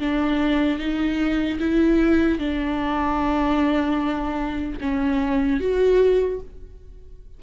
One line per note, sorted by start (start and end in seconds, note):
0.00 0.79 D4
0.79 1.59 D#4
1.60 2.39 E4
2.39 4.79 D4
4.81 5.60 C#4
5.60 6.40 F#4